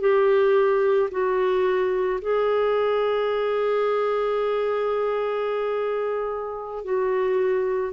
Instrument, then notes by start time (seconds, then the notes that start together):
clarinet
0.00 G4
1.11 F#4
2.21 G#4
6.84 F#4